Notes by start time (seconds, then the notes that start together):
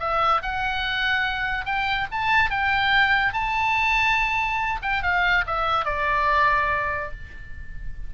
0.00 E5
0.43 F#5
1.66 G5
2.12 A5
2.51 G5
3.33 A5
4.82 G5
5.03 F5
5.47 E5
5.85 D5